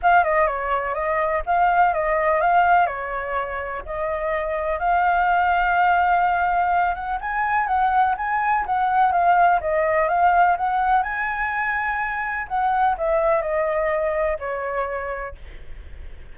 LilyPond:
\new Staff \with { instrumentName = "flute" } { \time 4/4 \tempo 4 = 125 f''8 dis''8 cis''4 dis''4 f''4 | dis''4 f''4 cis''2 | dis''2 f''2~ | f''2~ f''8 fis''8 gis''4 |
fis''4 gis''4 fis''4 f''4 | dis''4 f''4 fis''4 gis''4~ | gis''2 fis''4 e''4 | dis''2 cis''2 | }